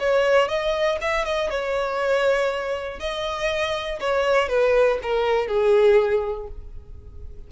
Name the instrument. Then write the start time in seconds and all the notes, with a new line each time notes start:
violin
0.00 C#5
0.49 D#5
1.01 E5
1.25 D#5
1.50 C#5
3.00 D#5
4.00 C#5
4.49 B4
5.03 A#4
5.48 G#4